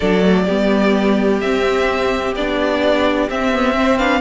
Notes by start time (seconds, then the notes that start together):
0.00 F#3 D4 A4 D5
0.20 A3
0.45 G3 B3 G4
1.40 C4 E5
2.35 B3 D4 D5
3.29 C4 E5
3.52 B3
3.74 C4 C5
3.98 D4 B4 F5